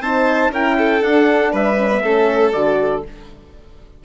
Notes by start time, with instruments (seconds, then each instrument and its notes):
0.00 bassoon C4, horn D#4, violin C5, trumpet A5
0.51 bassoon C#4, horn E4, violin A#4, trumpet G5
0.78 violin A4
1.01 horn D4, bassoon D4, trumpet F#5
1.52 bassoon G3, violin B4, trumpet E5
1.78 horn C#4
1.93 horn B3
2.03 bassoon A3, horn C#4, violin A4
2.53 bassoon D3, horn F#4, trumpet D5